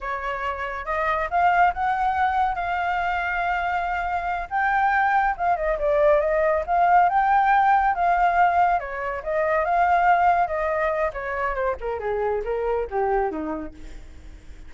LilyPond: \new Staff \with { instrumentName = "flute" } { \time 4/4 \tempo 4 = 140 cis''2 dis''4 f''4 | fis''2 f''2~ | f''2~ f''8 g''4.~ | g''8 f''8 dis''8 d''4 dis''4 f''8~ |
f''8 g''2 f''4.~ | f''8 cis''4 dis''4 f''4.~ | f''8 dis''4. cis''4 c''8 ais'8 | gis'4 ais'4 g'4 dis'4 | }